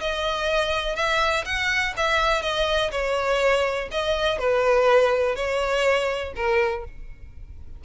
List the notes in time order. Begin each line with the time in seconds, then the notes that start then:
0.00 D#5
0.95 E5
1.45 F#5
1.96 E5
2.41 D#5
2.91 C#5
3.91 D#5
4.38 B4
5.35 C#5
6.35 A#4